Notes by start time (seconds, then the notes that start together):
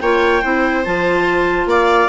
0.00 A#3 F4 C#5 G5
0.42 C4 E4 C5
0.85 F3 F4 A5
1.66 A#3 D5 F5